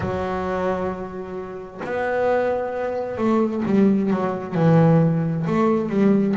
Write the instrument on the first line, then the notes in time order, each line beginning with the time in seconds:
double bass
0.00 F#3
1.84 B3
3.17 A3
3.65 G3
4.10 F#3
4.55 E3
5.47 A3
5.89 G3